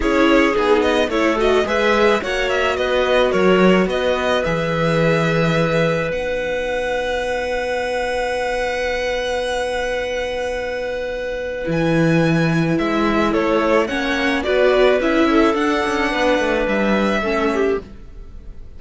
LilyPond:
<<
  \new Staff \with { instrumentName = "violin" } { \time 4/4 \tempo 4 = 108 cis''4 gis'8 dis''8 cis''8 dis''8 e''4 | fis''8 e''8 dis''4 cis''4 dis''4 | e''2. fis''4~ | fis''1~ |
fis''1~ | fis''4 gis''2 e''4 | cis''4 fis''4 d''4 e''4 | fis''2 e''2 | }
  \new Staff \with { instrumentName = "clarinet" } { \time 4/4 gis'2 a'4 b'4 | cis''4 b'4 ais'4 b'4~ | b'1~ | b'1~ |
b'1~ | b'1 | a'4 cis''4 b'4. a'8~ | a'4 b'2 a'8 g'8 | }
  \new Staff \with { instrumentName = "viola" } { \time 4/4 e'4 dis'4 e'8 fis'8 gis'4 | fis'1 | gis'2. dis'4~ | dis'1~ |
dis'1~ | dis'4 e'2.~ | e'4 cis'4 fis'4 e'4 | d'2. cis'4 | }
  \new Staff \with { instrumentName = "cello" } { \time 4/4 cis'4 b4 a4 gis4 | ais4 b4 fis4 b4 | e2. b4~ | b1~ |
b1~ | b4 e2 gis4 | a4 ais4 b4 cis'4 | d'8 cis'8 b8 a8 g4 a4 | }
>>